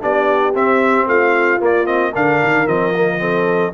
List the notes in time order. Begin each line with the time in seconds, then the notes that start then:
0.00 B3 D4 G4 D5
0.54 C4 E5
1.06 A3 F4 F5
1.59 A#3 D5
1.85 C4 D#5
2.11 D3 D4 A#4 F5
2.43 D#3
2.66 F3 C4 D#5
2.94 A#3
3.18 C4 A4